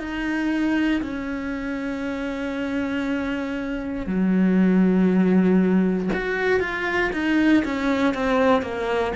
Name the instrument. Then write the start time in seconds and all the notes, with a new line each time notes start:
cello
0.00 D#4
1.02 C#4
4.06 F#3
6.13 F#4
6.60 F4
7.13 D#4
7.65 C#4
8.14 C4
8.62 A#3